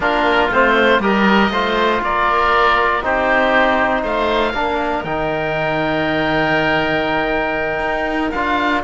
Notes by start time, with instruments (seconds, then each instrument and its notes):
0.00 cello A#3, trombone D4, oboe F4 A#4
0.50 cello A3, trombone C4, oboe C5
0.99 cello G3, trombone G4, oboe A#4 D#5
1.50 cello A3, trombone F4, oboe C5
2.02 cello A#3, oboe A#4 D5
3.02 cello C4, trombone D#4, oboe G4 C5
4.02 cello A3, oboe C5 F5
4.53 cello A#3, trombone D4, oboe A#4
5.04 cello D#3, trombone D#4, oboe G5
7.79 cello D#4
8.31 cello D4, trombone F4, oboe F5